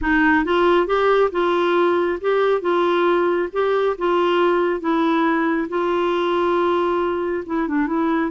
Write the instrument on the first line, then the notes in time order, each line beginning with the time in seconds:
clarinet
0.01 D#4
0.44 F4
0.86 G4
1.31 F4
2.21 G4
2.61 F4
3.52 G4
3.98 F4
4.80 E4
5.68 F4
7.46 E4
7.67 D4
7.87 E4